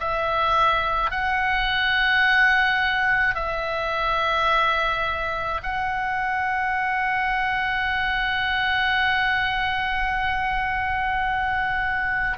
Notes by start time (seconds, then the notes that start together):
0.00 E5
1.11 F#5
3.34 E5
5.62 F#5